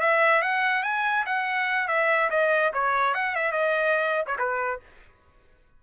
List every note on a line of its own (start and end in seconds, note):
0.00 0.42 E5
0.42 0.83 F#5
0.83 1.25 G#5
1.25 1.88 F#5
1.88 2.30 E5
2.30 2.72 D#5
2.73 3.14 C#5
3.14 3.35 F#5
3.35 3.52 E5
3.52 4.25 D#5
4.26 4.37 C#5
4.38 4.80 B4